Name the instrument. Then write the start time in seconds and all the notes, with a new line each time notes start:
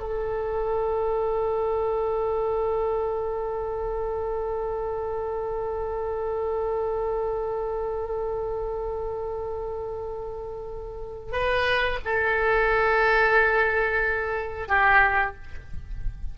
oboe
0.00 A4
11.32 B4
12.05 A4
14.68 G4